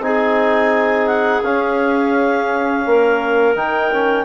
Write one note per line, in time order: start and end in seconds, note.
0.00 1.41 C4
0.00 1.43 D#4
0.00 2.87 G#4
0.00 1.07 G#5
1.07 1.42 F#5
1.43 2.84 C#4
1.43 3.56 C#4
1.43 3.55 F5
2.86 3.56 A#3
2.86 4.26 A#4
3.56 4.26 D#3
3.56 3.91 D#4
3.56 4.26 G5
3.94 4.26 C#4